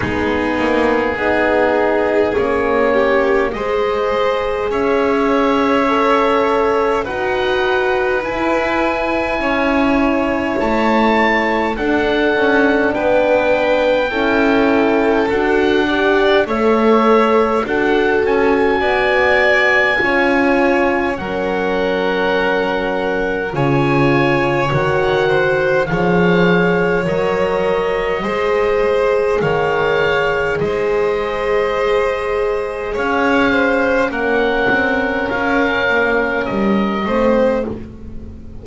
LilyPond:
<<
  \new Staff \with { instrumentName = "oboe" } { \time 4/4 \tempo 4 = 51 gis'2 cis''4 dis''4 | e''2 fis''4 gis''4~ | gis''4 a''4 fis''4 g''4~ | g''4 fis''4 e''4 fis''8 gis''8~ |
gis''2 fis''2 | gis''4 fis''4 f''4 dis''4~ | dis''4 f''4 dis''2 | f''4 fis''4 f''4 dis''4 | }
  \new Staff \with { instrumentName = "violin" } { \time 4/4 dis'4 gis'4. g'8 c''4 | cis''2 b'2 | cis''2 a'4 b'4 | a'4. d''8 cis''4 a'4 |
d''4 cis''4 ais'2 | cis''4. c''8 cis''2 | c''4 cis''4 c''2 | cis''8 c''8 ais'2~ ais'8 c''8 | }
  \new Staff \with { instrumentName = "horn" } { \time 4/4 b4 dis'4 cis'4 gis'4~ | gis'4 a'4 fis'4 e'4~ | e'2 d'2 | e'4 fis'8 g'8 a'4 fis'4~ |
fis'4 f'4 cis'2 | f'4 fis'4 gis'4 ais'4 | gis'1~ | gis'4 cis'2~ cis'8 c'8 | }
  \new Staff \with { instrumentName = "double bass" } { \time 4/4 gis8 ais8 b4 ais4 gis4 | cis'2 dis'4 e'4 | cis'4 a4 d'8 cis'8 b4 | cis'4 d'4 a4 d'8 cis'8 |
b4 cis'4 fis2 | cis4 dis4 f4 fis4 | gis4 dis4 gis2 | cis'4 ais8 c'8 cis'8 ais8 g8 a8 | }
>>